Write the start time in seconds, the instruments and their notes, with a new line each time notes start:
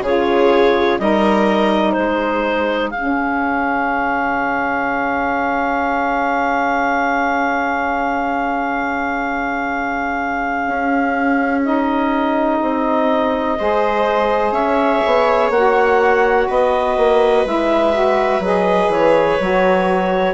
0.00 bassoon C#3, saxophone F4, viola G#4, clarinet C#5
0.98 bassoon G3, saxophone D#4, viola A#4, clarinet D#5
1.92 bassoon G#3, viola G#4, clarinet C5
2.90 bassoon C#3, saxophone C#4, clarinet F5
10.66 bassoon C#4
11.63 saxophone D#4, clarinet D#5
12.61 bassoon C4
13.58 bassoon G#3, saxophone G#4, viola C5
14.51 bassoon C#4, viola C#5, clarinet E5
15.05 bassoon B3
15.49 bassoon A#3, saxophone F#4, clarinet F#5
16.47 bassoon B3, viola B4, clarinet D#5
16.96 bassoon A#3
17.44 bassoon G#3, saxophone E4, clarinet E5
17.92 saxophone F#4
18.39 bassoon F#3, saxophone G#4, clarinet D#5
18.88 bassoon E3, clarinet C#5
19.40 bassoon F#3, saxophone F#4